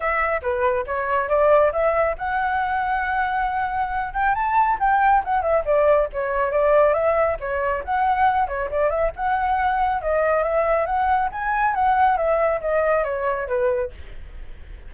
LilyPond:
\new Staff \with { instrumentName = "flute" } { \time 4/4 \tempo 4 = 138 e''4 b'4 cis''4 d''4 | e''4 fis''2.~ | fis''4. g''8 a''4 g''4 | fis''8 e''8 d''4 cis''4 d''4 |
e''4 cis''4 fis''4. cis''8 | d''8 e''8 fis''2 dis''4 | e''4 fis''4 gis''4 fis''4 | e''4 dis''4 cis''4 b'4 | }